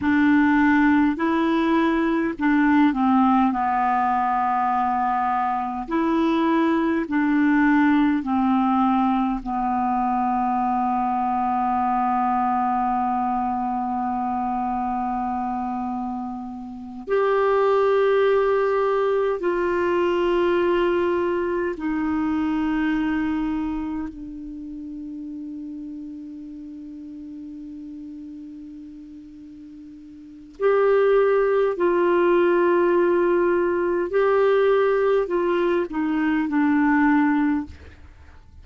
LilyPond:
\new Staff \with { instrumentName = "clarinet" } { \time 4/4 \tempo 4 = 51 d'4 e'4 d'8 c'8 b4~ | b4 e'4 d'4 c'4 | b1~ | b2~ b8 g'4.~ |
g'8 f'2 dis'4.~ | dis'8 d'2.~ d'8~ | d'2 g'4 f'4~ | f'4 g'4 f'8 dis'8 d'4 | }